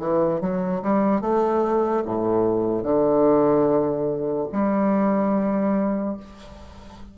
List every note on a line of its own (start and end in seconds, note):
0.00 0.41 E3
0.41 0.82 F#3
0.83 1.21 G3
1.21 2.04 A3
2.05 2.84 A2
2.84 4.48 D3
4.53 6.17 G3